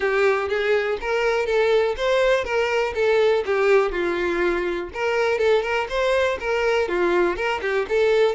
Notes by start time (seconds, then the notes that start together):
0.00 G4
0.49 G#4
1.01 A#4
1.46 A4
1.96 C5
2.44 A#4
2.94 A4
3.45 G4
3.91 F4
4.93 A#4
5.38 A4
5.62 A#4
5.89 C5
6.40 A#4
6.88 F4
7.36 A#4
7.61 G4
7.88 A4